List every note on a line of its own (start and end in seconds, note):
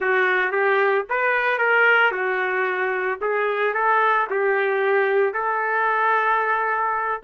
0.00 0.51 F#4
0.51 1.05 G4
1.09 1.58 B4
1.58 2.11 A#4
2.11 3.19 F#4
3.21 3.74 G#4
3.74 4.27 A4
4.30 5.33 G4
5.33 7.21 A4